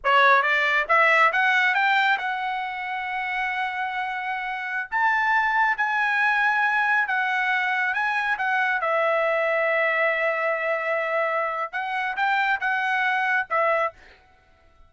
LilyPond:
\new Staff \with { instrumentName = "trumpet" } { \time 4/4 \tempo 4 = 138 cis''4 d''4 e''4 fis''4 | g''4 fis''2.~ | fis''2.~ fis''16 a''8.~ | a''4~ a''16 gis''2~ gis''8.~ |
gis''16 fis''2 gis''4 fis''8.~ | fis''16 e''2.~ e''8.~ | e''2. fis''4 | g''4 fis''2 e''4 | }